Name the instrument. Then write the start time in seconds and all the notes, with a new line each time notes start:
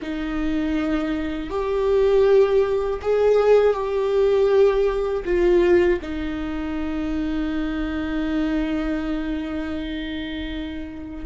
viola
0.01 D#4
1.50 G4
3.01 G#4
3.73 G4
5.24 F4
6.01 D#4